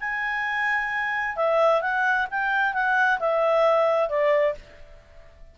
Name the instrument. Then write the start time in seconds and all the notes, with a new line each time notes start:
clarinet
0.00 G#5
1.36 E5
1.81 F#5
2.30 G5
2.73 F#5
3.19 E5
4.09 D5